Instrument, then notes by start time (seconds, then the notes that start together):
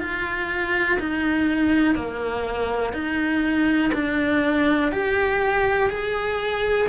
cello
0.00 F4
1.00 D#4
1.95 A#3
2.93 D#4
3.94 D4
4.92 G4
5.90 G#4